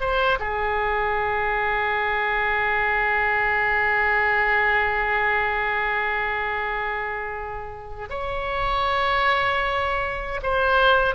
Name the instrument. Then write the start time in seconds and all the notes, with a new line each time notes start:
oboe
0.00 C5
0.40 G#4
8.10 C#5
10.43 C5